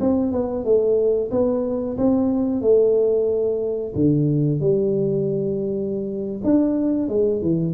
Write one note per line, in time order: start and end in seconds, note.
0.00 0.32 C4
0.32 0.64 B3
0.64 1.30 A3
1.31 1.97 B3
1.97 2.61 C4
2.61 3.93 A3
3.95 4.60 D3
4.60 6.41 G3
6.43 7.08 D4
7.08 7.41 G#3
7.41 7.74 E3